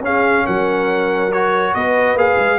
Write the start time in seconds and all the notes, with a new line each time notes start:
0.00 C#4 G#4 F5
0.45 F#3 A#4 F#5
1.32 F#4 C#5
1.73 B3 B4 D#5
2.14 A#3 G#4 F5
2.37 G#3